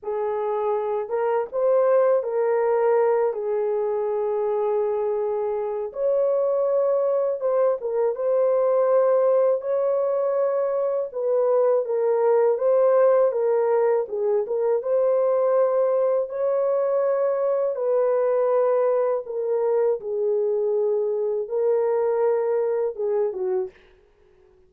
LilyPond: \new Staff \with { instrumentName = "horn" } { \time 4/4 \tempo 4 = 81 gis'4. ais'8 c''4 ais'4~ | ais'8 gis'2.~ gis'8 | cis''2 c''8 ais'8 c''4~ | c''4 cis''2 b'4 |
ais'4 c''4 ais'4 gis'8 ais'8 | c''2 cis''2 | b'2 ais'4 gis'4~ | gis'4 ais'2 gis'8 fis'8 | }